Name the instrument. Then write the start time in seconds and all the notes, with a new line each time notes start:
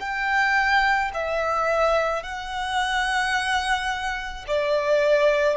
violin
0.00 G5
1.14 E5
2.23 F#5
4.48 D5